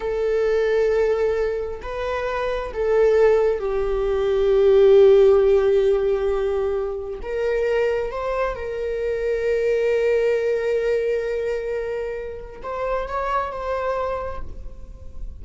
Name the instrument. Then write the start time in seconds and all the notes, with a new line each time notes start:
viola
0.00 A4
1.82 B4
2.73 A4
3.59 G4
7.22 A#4
8.11 C5
8.55 A#4
12.62 C5
13.07 C#5
13.51 C5